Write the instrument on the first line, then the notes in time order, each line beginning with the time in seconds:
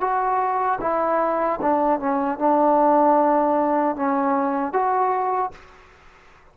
trombone
0.00 F#4
0.80 E4
1.61 D4
1.99 C#4
2.39 D4
3.96 C#4
4.72 F#4